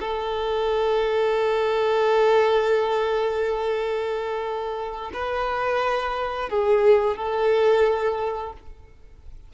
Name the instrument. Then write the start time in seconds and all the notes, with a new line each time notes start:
violin
0.00 A4
5.14 B4
6.49 G#4
7.17 A4